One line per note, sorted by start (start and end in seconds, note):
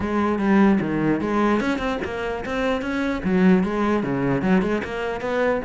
0.00 0.38 G#3
0.38 0.79 G3
0.80 1.20 D#3
1.21 1.60 G#3
1.60 1.78 C#4
1.78 1.98 C4
2.04 2.44 A#3
2.45 2.81 C4
2.81 3.21 C#4
3.23 3.63 F#3
3.63 4.03 G#3
4.03 4.42 C#3
4.42 4.62 F#3
4.62 4.82 G#3
4.84 5.21 A#3
5.21 5.61 B3